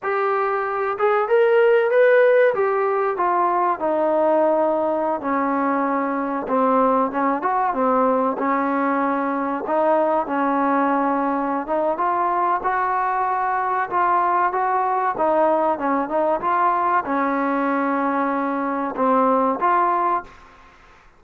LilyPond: \new Staff \with { instrumentName = "trombone" } { \time 4/4 \tempo 4 = 95 g'4. gis'8 ais'4 b'4 | g'4 f'4 dis'2~ | dis'16 cis'2 c'4 cis'8 fis'16~ | fis'16 c'4 cis'2 dis'8.~ |
dis'16 cis'2~ cis'16 dis'8 f'4 | fis'2 f'4 fis'4 | dis'4 cis'8 dis'8 f'4 cis'4~ | cis'2 c'4 f'4 | }